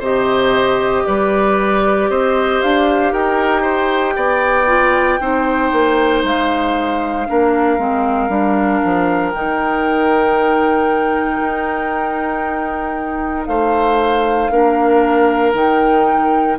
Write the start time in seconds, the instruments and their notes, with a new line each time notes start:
0.00 bassoon C3, clarinet G4, oboe C5, flute D#5
1.07 bassoon G3, oboe B4, flute D5
2.10 bassoon C4, oboe C5, flute D#5
2.62 bassoon D4, flute F5
3.13 bassoon D#4, oboe A#4, flute G5
3.62 oboe C5
4.16 bassoon B3, oboe D5
4.67 clarinet F4
5.20 bassoon C4, clarinet D#4, oboe C5
5.73 bassoon A#3
6.24 bassoon G#3, flute F5
7.27 bassoon A#3, clarinet D4, oboe A#4
7.79 bassoon G#3, clarinet C4
8.29 bassoon G3, clarinet D4
8.85 bassoon F3
9.30 bassoon D#3, clarinet D#4, flute G5
11.41 bassoon D#4
13.47 bassoon A3, oboe C5, flute F5
14.51 bassoon A#3, clarinet D4, oboe A#4
15.54 bassoon D#3, clarinet D#4, flute G5